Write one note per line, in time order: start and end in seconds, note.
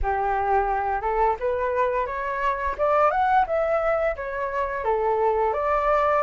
0.02 1.01 G4
1.01 1.35 A4
1.39 2.06 B4
2.06 2.75 C#5
2.78 3.10 D5
3.10 3.45 F#5
3.46 4.15 E5
4.16 4.84 C#5
4.84 5.53 A4
5.53 6.22 D5